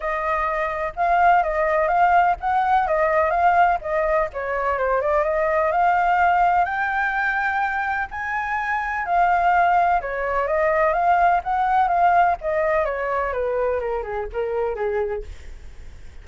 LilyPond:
\new Staff \with { instrumentName = "flute" } { \time 4/4 \tempo 4 = 126 dis''2 f''4 dis''4 | f''4 fis''4 dis''4 f''4 | dis''4 cis''4 c''8 d''8 dis''4 | f''2 g''2~ |
g''4 gis''2 f''4~ | f''4 cis''4 dis''4 f''4 | fis''4 f''4 dis''4 cis''4 | b'4 ais'8 gis'8 ais'4 gis'4 | }